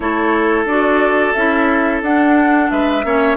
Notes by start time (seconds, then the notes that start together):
0.00 A3 E4 A4 C#5
0.65 D4 F#4 D5
1.33 C#4 E4 E5
2.01 D4 F#5
2.70 G#3 B4 E5
3.04 A#3 C#4 C#5